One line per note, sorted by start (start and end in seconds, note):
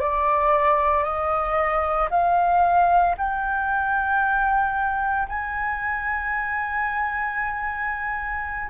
0.00 1.03 D5
1.03 2.09 D#5
2.11 3.16 F5
3.18 5.28 G5
5.28 8.69 G#5